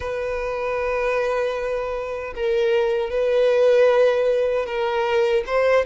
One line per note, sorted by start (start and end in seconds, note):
0.00 2.33 B4
2.35 3.10 A#4
3.10 4.65 B4
4.66 5.44 A#4
5.46 5.85 C5